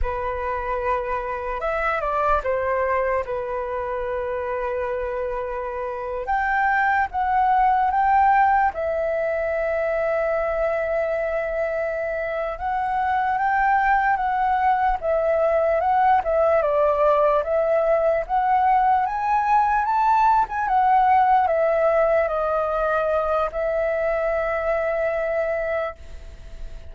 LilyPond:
\new Staff \with { instrumentName = "flute" } { \time 4/4 \tempo 4 = 74 b'2 e''8 d''8 c''4 | b'2.~ b'8. g''16~ | g''8. fis''4 g''4 e''4~ e''16~ | e''2.~ e''8 fis''8~ |
fis''8 g''4 fis''4 e''4 fis''8 | e''8 d''4 e''4 fis''4 gis''8~ | gis''8 a''8. gis''16 fis''4 e''4 dis''8~ | dis''4 e''2. | }